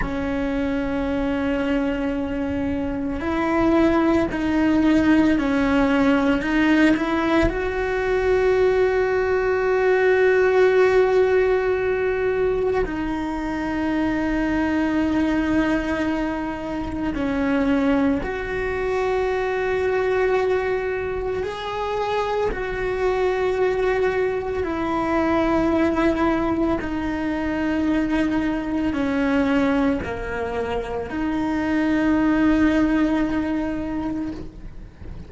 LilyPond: \new Staff \with { instrumentName = "cello" } { \time 4/4 \tempo 4 = 56 cis'2. e'4 | dis'4 cis'4 dis'8 e'8 fis'4~ | fis'1 | dis'1 |
cis'4 fis'2. | gis'4 fis'2 e'4~ | e'4 dis'2 cis'4 | ais4 dis'2. | }